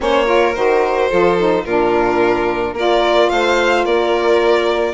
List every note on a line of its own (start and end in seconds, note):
0.00 0.55 A#3
0.00 0.25 C#4
0.00 0.26 C5
0.00 0.55 C#5
0.25 0.53 F4
0.25 1.08 A#4
0.55 1.10 D#3
0.55 1.09 F#4
0.55 1.65 C5
1.09 1.64 F3
1.09 1.37 F4
1.09 1.64 A4
1.37 1.65 D#4
1.64 2.72 A#2
1.64 2.76 D4
1.64 2.74 F4
1.64 2.75 A#4
2.72 3.27 A#3
2.72 4.93 F4
2.72 3.29 A#4
2.79 3.29 D5
3.29 3.85 A3
3.29 3.85 C5
3.29 3.84 F5
3.85 4.93 A#3
3.85 4.93 A#4
3.85 4.93 D5